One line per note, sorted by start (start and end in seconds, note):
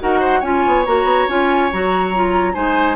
0.00 0.43 D#4
0.00 0.43 F#4
0.00 0.20 A#4
0.00 0.42 F#5
0.20 0.40 C5
0.40 0.64 C#4
0.40 0.86 F4
0.40 2.53 C#5
0.40 0.85 G#5
0.67 0.87 B3
0.86 1.04 A#3
0.86 1.29 F#4
0.86 1.29 A#5
1.04 1.26 B3
1.29 1.71 C#4
1.29 1.71 F4
1.29 1.72 G#5
1.73 2.56 F#3
1.73 2.15 F#4
1.73 2.54 A#5
2.15 2.54 F4
2.54 2.96 G#3
2.54 2.96 D#4
2.54 2.96 C5
2.54 2.96 G#5